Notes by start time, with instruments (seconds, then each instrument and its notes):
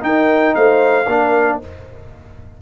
0.00 trombone D#4, tuba D#4, horn A#4, trumpet G5
0.54 tuba A3, horn C5, trumpet F5
1.06 tuba A#3, trombone D4, horn A#4